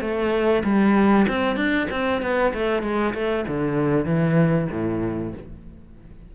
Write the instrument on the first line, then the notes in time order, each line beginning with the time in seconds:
cello
0.00 A3
0.63 G3
1.28 C4
1.56 D4
1.90 C4
2.21 B3
2.53 A3
2.82 G#3
3.14 A3
3.47 D3
4.05 E3
4.71 A2